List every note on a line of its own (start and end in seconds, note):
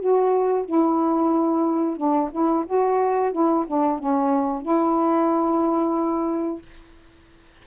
0.00 0.65 F#4
0.65 1.97 E4
1.97 2.31 D4
2.32 2.65 E4
2.66 3.32 F#4
3.32 3.65 E4
3.68 3.99 D4
3.99 4.62 C#4
4.62 6.62 E4